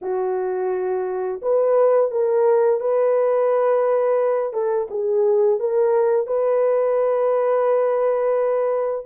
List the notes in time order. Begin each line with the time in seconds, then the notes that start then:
0.01 F#4
1.41 B4
2.11 A#4
2.80 B4
4.53 A4
4.90 G#4
5.59 A#4
6.27 B4